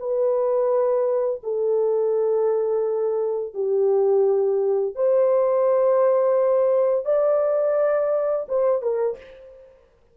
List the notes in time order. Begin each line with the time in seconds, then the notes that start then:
0.00 B4
1.43 A4
3.55 G4
4.96 C5
7.06 D5
8.49 C5
8.82 A#4